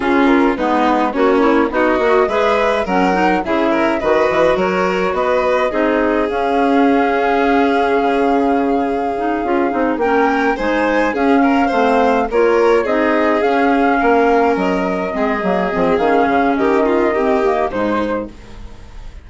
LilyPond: <<
  \new Staff \with { instrumentName = "flute" } { \time 4/4 \tempo 4 = 105 gis'8 ais'8 b'4 cis''4 dis''4 | e''4 fis''4 e''4 dis''4 | cis''4 dis''2 f''4~ | f''1~ |
f''4. g''4 gis''4 f''8~ | f''4. cis''4 dis''4 f''8~ | f''4. dis''2~ dis''8 | f''4 dis''2 c''4 | }
  \new Staff \with { instrumentName = "violin" } { \time 4/4 f'4 dis'4 cis'4 fis'4 | b'4 ais'4 gis'8 ais'8 b'4 | ais'4 b'4 gis'2~ | gis'1~ |
gis'4. ais'4 c''4 gis'8 | ais'8 c''4 ais'4 gis'4.~ | gis'8 ais'2 gis'4.~ | gis'4 g'8 f'8 g'4 dis'4 | }
  \new Staff \with { instrumentName = "clarinet" } { \time 4/4 cis'4 b4 fis'8 e'8 dis'8 fis'8 | gis'4 cis'8 dis'8 e'4 fis'4~ | fis'2 dis'4 cis'4~ | cis'1 |
dis'8 f'8 dis'8 cis'4 dis'4 cis'8~ | cis'8 c'4 f'4 dis'4 cis'8~ | cis'2~ cis'8 c'8 ais8 c'8 | cis'2 c'8 ais8 gis4 | }
  \new Staff \with { instrumentName = "bassoon" } { \time 4/4 cis4 gis4 ais4 b8 ais8 | gis4 fis4 cis4 dis8 e8 | fis4 b4 c'4 cis'4~ | cis'2 cis2~ |
cis8 cis'8 c'8 ais4 gis4 cis'8~ | cis'8 a4 ais4 c'4 cis'8~ | cis'8 ais4 fis4 gis8 fis8 f8 | dis8 cis8 dis2 gis,4 | }
>>